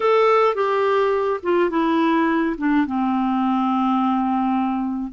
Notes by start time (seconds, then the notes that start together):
0.00 A4
0.54 G4
1.42 F4
1.70 E4
2.57 D4
2.86 C4